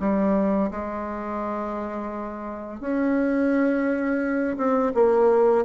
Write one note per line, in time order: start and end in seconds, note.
0.00 0.71 G3
0.71 2.80 G#3
2.80 4.57 C#4
4.57 4.93 C4
4.94 5.65 A#3